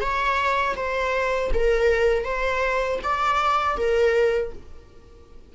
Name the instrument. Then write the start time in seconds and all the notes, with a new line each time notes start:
viola
0.00 C#5
0.75 C5
1.53 A#4
2.24 C5
3.03 D5
3.77 A#4